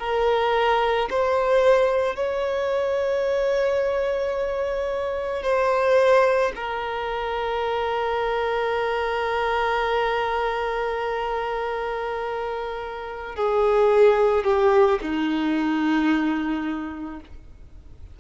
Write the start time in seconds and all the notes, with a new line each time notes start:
0.00 A#4
1.11 C5
2.16 C#5
5.43 C5
6.56 A#4
13.36 G#4
14.44 G4
15.02 D#4